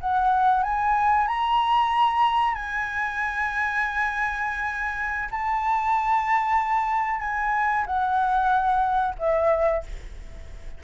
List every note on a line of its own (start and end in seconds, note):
0.00 0.63 F#5
0.63 1.27 G#5
1.27 2.55 A#5
2.55 5.29 G#5
5.31 7.20 A5
7.20 7.85 G#5
7.86 9.15 F#5
9.19 9.83 E5